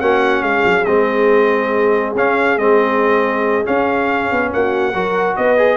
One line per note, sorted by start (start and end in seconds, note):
0.00 0.43 A#3
0.00 0.86 C#4
0.00 0.44 F#4
0.00 0.43 F#5
0.43 0.64 G#3
0.43 4.52 G#4
0.43 0.85 F5
0.65 0.86 F#3
0.85 2.15 G#3
0.85 2.15 C4
0.85 2.13 D#5
2.15 2.57 C#4
2.15 2.59 C#4
2.15 2.58 F5
2.57 3.64 G#3
2.57 3.65 C4
2.57 3.65 D#5
3.65 4.93 C#4
3.65 4.31 C#4
3.65 4.52 F5
4.31 4.53 B3
4.53 4.94 A#3
4.53 4.94 F#4
4.53 5.36 F#5
4.94 5.37 F#3
4.94 5.58 F#4
4.94 5.37 A#4
5.36 5.77 B3
5.36 5.77 B4
5.36 5.77 D#5
5.58 5.77 G#4